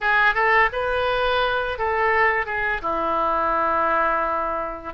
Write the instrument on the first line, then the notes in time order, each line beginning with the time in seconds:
oboe
0.01 G#4
0.34 A4
0.72 B4
1.78 A4
2.45 G#4
2.81 E4